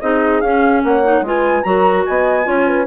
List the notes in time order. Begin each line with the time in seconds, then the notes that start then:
0.00 C4 D#4 G#4 D#5
0.41 C#4 F5
0.84 A#3 C#5 F#5
1.03 D#4
1.21 G#3 F4 B4
1.27 G#5
1.63 F#3 F#4 A#4 A#5
2.05 B3 D#5 G#5
2.43 C#4 F4 C#5
2.67 B4